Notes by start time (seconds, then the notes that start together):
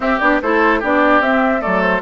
0.00 C4 G4 E5
0.19 B3 D4 D5
0.42 A3 E4 A4 C5
0.79 B3 D4 G4 D5
1.20 C4 E5
1.59 A3 A4 D5
1.65 F#3
1.81 C5